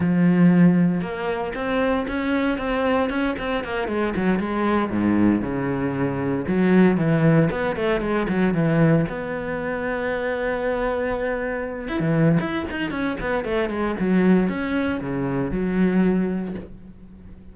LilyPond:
\new Staff \with { instrumentName = "cello" } { \time 4/4 \tempo 4 = 116 f2 ais4 c'4 | cis'4 c'4 cis'8 c'8 ais8 gis8 | fis8 gis4 gis,4 cis4.~ | cis8 fis4 e4 b8 a8 gis8 |
fis8 e4 b2~ b8~ | b2. e'16 e8. | e'8 dis'8 cis'8 b8 a8 gis8 fis4 | cis'4 cis4 fis2 | }